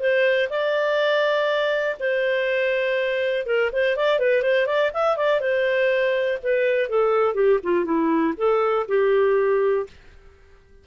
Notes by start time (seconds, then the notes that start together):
0.00 C5
0.50 D5
2.00 C5
3.46 A#4
3.73 C5
3.97 D5
4.19 B4
4.43 C5
4.67 D5
4.94 E5
5.17 D5
5.41 C5
6.43 B4
6.89 A4
7.35 G4
7.63 F4
7.85 E4
8.37 A4
8.88 G4